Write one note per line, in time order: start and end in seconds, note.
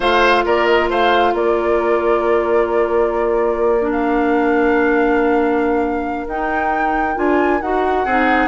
0.00 0.43 A3
0.00 3.79 F4
0.00 0.44 C5
0.00 0.45 F5
0.45 0.89 A#3
0.45 0.90 A#4
0.45 0.65 D5
0.65 0.88 D#5
0.89 1.33 A3
0.89 1.33 C5
0.89 1.35 F5
1.33 6.25 A#3
1.33 8.04 A#4
1.33 3.91 D5
3.80 6.26 D4
3.91 6.26 F5
6.27 7.16 D#4
6.27 7.14 D#4
6.27 7.18 G5
7.14 7.61 D4
7.14 7.59 F4
7.14 7.61 G#5
7.61 8.05 D#4
7.61 8.06 F#4
7.61 8.47 F#5
8.04 8.47 C4
8.04 8.47 D#4
8.04 8.47 G#4